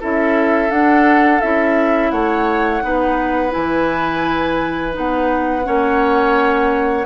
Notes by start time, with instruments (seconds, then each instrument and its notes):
0.00 bassoon C#4, clarinet E4, oboe A4, flute E5
0.70 clarinet D4, bassoon D4, flute F#5
1.41 bassoon C#4, clarinet E4, flute E5
2.11 bassoon A3, oboe C#5, flute F#5
2.82 bassoon B3, clarinet D#4, oboe B4
3.51 bassoon E3, clarinet E4, flute G#5
4.92 bassoon B3, clarinet D#4, flute F#5
5.64 bassoon A#3, clarinet C#4, oboe C#5